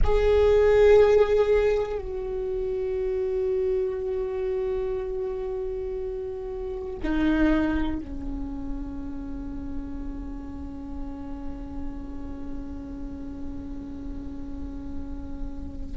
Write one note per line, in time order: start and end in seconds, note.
0.03 1.98 G#4
1.98 6.98 F#4
7.03 8.00 D#4
8.00 15.97 C#4